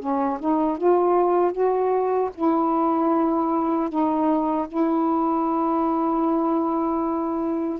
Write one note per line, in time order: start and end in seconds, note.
0.00 0.39 C#4
0.40 0.78 D#4
0.78 1.52 F4
1.52 2.30 F#4
2.36 3.90 E4
3.90 4.68 D#4
4.69 7.80 E4